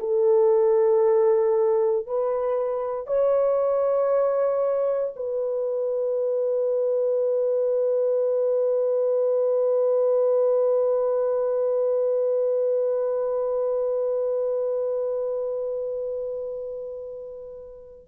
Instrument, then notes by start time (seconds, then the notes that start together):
horn
0.00 A4
2.06 B4
3.07 C#5
5.16 B4